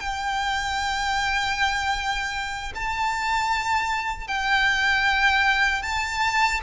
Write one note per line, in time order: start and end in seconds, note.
0.00 2.73 G5
2.74 4.28 A5
4.28 5.82 G5
5.82 6.60 A5